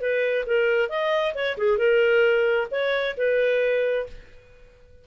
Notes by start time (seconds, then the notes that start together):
0.00 B4
0.46 A#4
0.89 D#5
1.34 C#5
1.57 G#4
1.77 A#4
2.70 C#5
3.16 B4